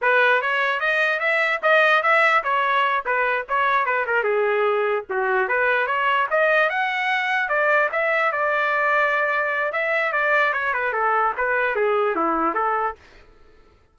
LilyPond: \new Staff \with { instrumentName = "trumpet" } { \time 4/4 \tempo 4 = 148 b'4 cis''4 dis''4 e''4 | dis''4 e''4 cis''4. b'8~ | b'8 cis''4 b'8 ais'8 gis'4.~ | gis'8 fis'4 b'4 cis''4 dis''8~ |
dis''8 fis''2 d''4 e''8~ | e''8 d''2.~ d''8 | e''4 d''4 cis''8 b'8 a'4 | b'4 gis'4 e'4 a'4 | }